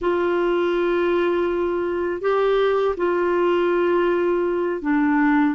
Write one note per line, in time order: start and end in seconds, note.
0.01 2.21 F4
2.21 2.95 G4
2.96 4.81 F4
4.81 5.55 D4